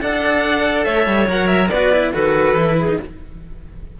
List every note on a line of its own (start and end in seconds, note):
0.00 0.86 D4
0.00 1.27 A4
0.00 0.86 D5
0.00 0.84 F#5
0.84 1.06 A3
0.84 1.70 C#5
0.84 1.26 E5
1.06 1.27 G3
1.27 1.70 F#3
1.27 1.70 A#4
1.27 1.47 F#5
1.47 1.68 E5
1.68 2.12 B3
1.68 1.91 F#4
1.68 2.13 B4
1.68 2.11 D5
1.91 2.12 E4
2.13 2.54 D#3
2.13 2.55 F#4
2.13 2.76 A4
2.13 2.99 B4
2.54 2.96 E3
2.54 2.88 E4
2.79 3.00 G#4
2.88 2.99 D#4